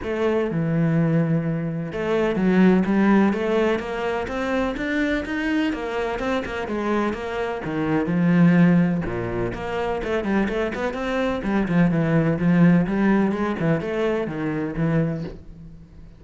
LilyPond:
\new Staff \with { instrumentName = "cello" } { \time 4/4 \tempo 4 = 126 a4 e2. | a4 fis4 g4 a4 | ais4 c'4 d'4 dis'4 | ais4 c'8 ais8 gis4 ais4 |
dis4 f2 ais,4 | ais4 a8 g8 a8 b8 c'4 | g8 f8 e4 f4 g4 | gis8 e8 a4 dis4 e4 | }